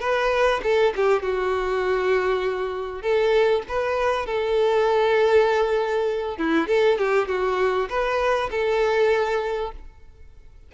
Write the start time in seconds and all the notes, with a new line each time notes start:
0.00 B4
0.63 A4
0.96 G4
1.22 F#4
3.02 A4
3.68 B4
4.26 A4
6.37 E4
6.67 A4
6.98 G4
7.28 F#4
7.89 B4
8.50 A4